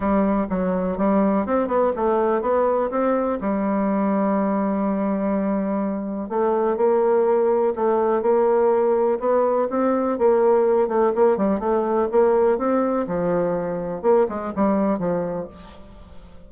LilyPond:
\new Staff \with { instrumentName = "bassoon" } { \time 4/4 \tempo 4 = 124 g4 fis4 g4 c'8 b8 | a4 b4 c'4 g4~ | g1~ | g4 a4 ais2 |
a4 ais2 b4 | c'4 ais4. a8 ais8 g8 | a4 ais4 c'4 f4~ | f4 ais8 gis8 g4 f4 | }